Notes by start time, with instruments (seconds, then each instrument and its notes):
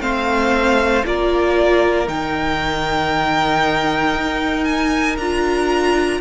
0.00 cello A3, viola C4, violin C5 F5
1.05 cello A#3, viola F4, violin A#4 D5
2.07 cello D#3, viola D#4, violin G5
4.16 cello D#4
4.65 violin G#5
5.17 cello D4, viola F4, violin A#5